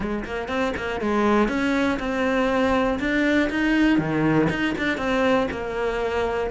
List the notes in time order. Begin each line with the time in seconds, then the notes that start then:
0.00 G#3
0.25 A#3
0.48 C4
0.77 A#3
1.00 G#3
1.48 C#4
1.99 C4
2.99 D4
3.50 D#4
3.98 D#3
4.49 D#4
4.77 D4
4.97 C4
5.51 A#3